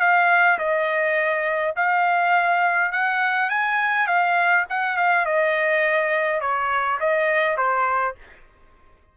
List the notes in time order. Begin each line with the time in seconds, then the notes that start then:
0.00 F5
0.59 D#5
1.76 F5
2.92 F#5
3.50 G#5
4.07 F5
4.70 F#5
4.97 F5
5.26 D#5
6.41 C#5
7.00 D#5
7.57 C5